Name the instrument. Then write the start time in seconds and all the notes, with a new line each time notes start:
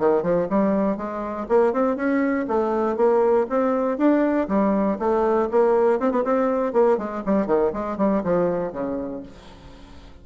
bassoon
0.00 D#3
0.23 F3
0.50 G3
0.97 G#3
1.49 A#3
1.73 C4
1.97 C#4
2.48 A3
2.97 A#3
3.50 C4
3.98 D4
4.49 G3
4.99 A3
5.51 A#3
6.00 C4
6.12 B3
6.25 C4
6.74 A#3
6.98 G#3
7.26 G3
7.47 D#3
7.73 G#3
7.98 G3
8.24 F3
8.73 C#3